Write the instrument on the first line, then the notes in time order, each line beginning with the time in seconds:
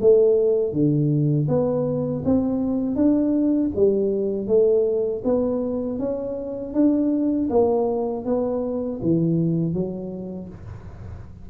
tuba
0.00 A3
0.72 D3
1.48 B3
2.24 C4
2.95 D4
3.75 G3
4.47 A3
5.24 B3
5.99 C#4
6.74 D4
7.49 A#3
8.25 B3
9.02 E3
9.73 F#3